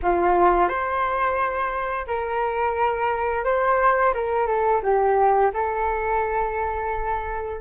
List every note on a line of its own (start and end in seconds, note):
0.02 0.68 F4
0.68 2.06 C5
2.07 3.44 A#4
3.44 4.13 C5
4.13 4.46 A#4
4.46 4.81 A4
4.82 5.51 G4
5.53 7.60 A4